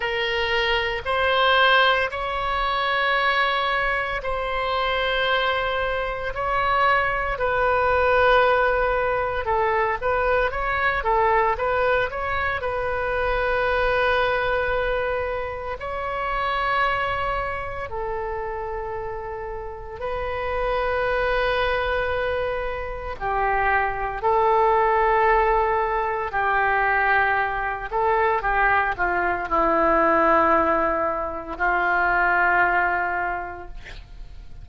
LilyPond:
\new Staff \with { instrumentName = "oboe" } { \time 4/4 \tempo 4 = 57 ais'4 c''4 cis''2 | c''2 cis''4 b'4~ | b'4 a'8 b'8 cis''8 a'8 b'8 cis''8 | b'2. cis''4~ |
cis''4 a'2 b'4~ | b'2 g'4 a'4~ | a'4 g'4. a'8 g'8 f'8 | e'2 f'2 | }